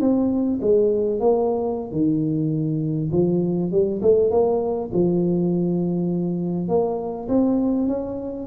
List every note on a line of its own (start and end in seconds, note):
0.00 0.59 C4
0.61 1.20 G#3
1.20 1.91 A#3
1.91 3.10 D#3
3.12 3.71 F3
3.71 4.01 G3
4.02 4.31 A3
4.31 4.90 A#3
4.93 6.68 F3
6.68 7.28 A#3
7.28 7.87 C4
7.87 8.47 C#4